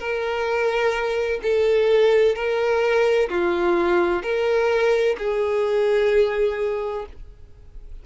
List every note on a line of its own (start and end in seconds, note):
0.00 1.41 A#4
1.43 2.36 A4
2.36 3.29 A#4
3.29 4.23 F4
4.23 5.16 A#4
5.19 7.06 G#4